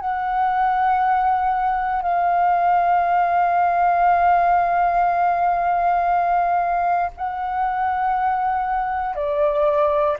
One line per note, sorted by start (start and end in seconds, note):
0.00 2.02 F#5
2.02 7.10 F5
7.16 9.15 F#5
9.15 10.16 D5